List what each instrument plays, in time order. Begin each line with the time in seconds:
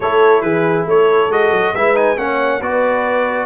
0.00 tuba A3, trombone E4, horn A4, trumpet C#5
0.41 tuba E3, horn G#4, trumpet B4
0.86 tuba A3, horn A4, trumpet C#5
1.29 tuba G#3, trombone F#4, trumpet D#5
1.51 tuba F#3
1.73 tuba G#3, trombone E4, horn B4, trumpet E5
1.95 trombone D#4, trumpet G#5
2.17 tuba A#3, trombone C#4, horn C#5, trumpet F#5
2.60 tuba B3, trombone F#4, horn B4, trumpet D5